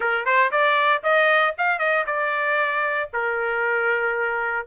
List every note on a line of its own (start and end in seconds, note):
0.00 0.25 A#4
0.25 0.51 C5
0.51 1.03 D5
1.03 1.54 D#5
1.58 1.78 F5
1.78 2.04 D#5
2.06 3.09 D5
3.13 4.66 A#4